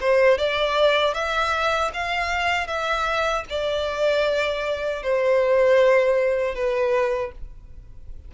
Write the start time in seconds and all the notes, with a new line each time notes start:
0.00 C5
0.38 D5
1.14 E5
1.93 F5
2.67 E5
3.50 D5
5.03 C5
6.55 B4